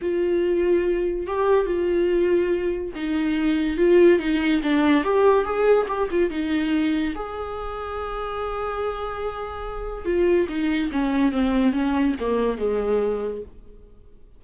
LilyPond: \new Staff \with { instrumentName = "viola" } { \time 4/4 \tempo 4 = 143 f'2. g'4 | f'2. dis'4~ | dis'4 f'4 dis'4 d'4 | g'4 gis'4 g'8 f'8 dis'4~ |
dis'4 gis'2.~ | gis'1 | f'4 dis'4 cis'4 c'4 | cis'4 ais4 gis2 | }